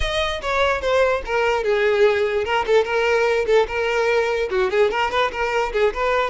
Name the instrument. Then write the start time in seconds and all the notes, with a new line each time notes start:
violin
0.00 D#5
0.41 C#5
0.81 C5
1.25 A#4
1.63 G#4
2.44 A#4
2.66 A4
2.84 A#4
3.46 A4
3.67 A#4
4.50 F#4
4.70 G#4
4.90 A#4
5.10 B4
5.31 A#4
5.73 G#4
5.93 B4